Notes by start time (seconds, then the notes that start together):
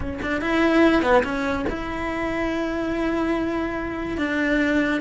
0.00 C#4
0.22 D4
0.41 E4
1.02 B3
1.23 C#4
1.69 E4
4.17 D4